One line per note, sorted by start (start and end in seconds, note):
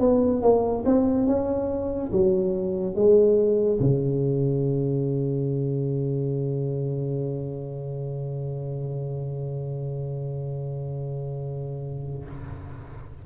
0.00 0.42 B3
0.43 0.85 A#3
0.86 1.27 C4
1.27 2.12 C#4
2.12 2.95 F#3
2.95 3.80 G#3
3.80 12.25 C#3